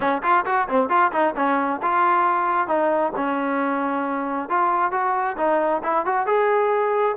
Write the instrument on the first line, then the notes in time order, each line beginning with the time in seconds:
trombone
0.00 C#4
0.22 F4
0.45 F#4
0.68 C4
0.89 F4
1.12 D#4
1.36 C#4
1.82 F4
2.67 D#4
3.15 C#4
4.49 F4
4.91 F#4
5.37 D#4
5.83 E4
6.05 F#4
6.26 G#4